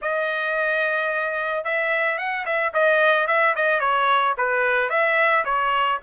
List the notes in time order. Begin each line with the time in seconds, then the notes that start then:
0.01 D#5
1.64 E5
2.17 F#5
2.45 E5
2.73 D#5
3.27 E5
3.55 D#5
3.80 C#5
4.37 B4
4.89 E5
5.44 C#5